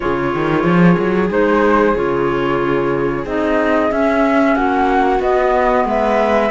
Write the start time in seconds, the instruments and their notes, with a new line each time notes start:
0.00 cello C#3, clarinet F4, viola G#4, flute C#5
0.35 cello D#3
0.63 cello F3
0.98 cello F#3
1.29 cello G#3, clarinet D#4, flute C5
1.95 cello C#3, clarinet F4, flute C#5
3.25 cello C4, clarinet D#4, flute D#5
3.90 clarinet C#4, cello C#4, flute E5
4.55 cello A#3, viola F#4, flute F#5
5.19 cello B3, clarinet B3, flute D#5
5.84 cello G#3, viola B4, flute E5